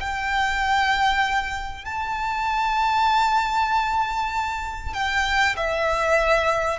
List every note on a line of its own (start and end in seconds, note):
0.00 1.84 G5
1.84 4.93 A5
4.93 5.55 G5
5.56 6.79 E5